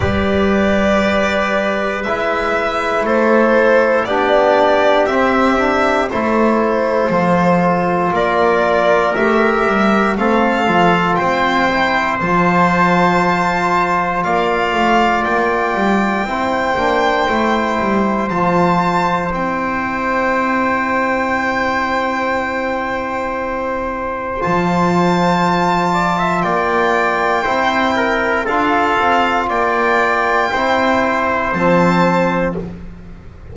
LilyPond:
<<
  \new Staff \with { instrumentName = "violin" } { \time 4/4 \tempo 4 = 59 d''2 e''4 c''4 | d''4 e''4 c''2 | d''4 e''4 f''4 g''4 | a''2 f''4 g''4~ |
g''2 a''4 g''4~ | g''1 | a''2 g''2 | f''4 g''2 a''4 | }
  \new Staff \with { instrumentName = "trumpet" } { \time 4/4 b'2. a'4 | g'2 a'2 | ais'2 a'4 c''4~ | c''2 d''2 |
c''1~ | c''1~ | c''4. d''16 e''16 d''4 c''8 ais'8 | a'4 d''4 c''2 | }
  \new Staff \with { instrumentName = "trombone" } { \time 4/4 g'2 e'2 | d'4 c'8 d'8 e'4 f'4~ | f'4 g'4 c'8 f'4 e'8 | f'1 |
e'8 d'8 e'4 f'4 e'4~ | e'1 | f'2. e'4 | f'2 e'4 c'4 | }
  \new Staff \with { instrumentName = "double bass" } { \time 4/4 g2 gis4 a4 | b4 c'4 a4 f4 | ais4 a8 g8 a8 f8 c'4 | f2 ais8 a8 ais8 g8 |
c'8 ais8 a8 g8 f4 c'4~ | c'1 | f2 ais4 c'4 | d'8 c'8 ais4 c'4 f4 | }
>>